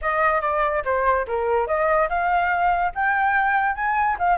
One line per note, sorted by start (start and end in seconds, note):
0.01 0.41 D#5
0.41 0.83 D5
0.84 1.26 C5
1.27 1.67 A#4
1.67 2.09 D#5
2.09 2.92 F5
2.95 3.75 G5
3.75 4.16 G#5
4.18 4.37 F5